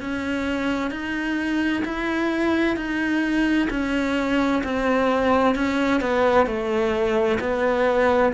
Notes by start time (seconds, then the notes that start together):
0.00 C#4
0.90 D#4
1.85 E4
2.76 D#4
3.70 C#4
4.63 C4
5.55 C#4
6.00 B3
6.46 A3
7.39 B3